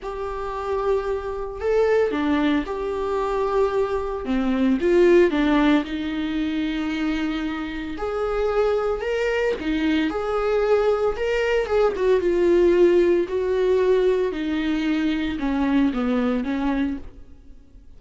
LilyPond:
\new Staff \with { instrumentName = "viola" } { \time 4/4 \tempo 4 = 113 g'2. a'4 | d'4 g'2. | c'4 f'4 d'4 dis'4~ | dis'2. gis'4~ |
gis'4 ais'4 dis'4 gis'4~ | gis'4 ais'4 gis'8 fis'8 f'4~ | f'4 fis'2 dis'4~ | dis'4 cis'4 b4 cis'4 | }